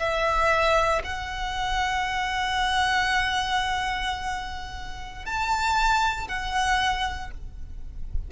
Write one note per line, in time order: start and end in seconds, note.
0.00 1.02 E5
1.05 5.26 F#5
5.26 6.29 A5
6.29 7.31 F#5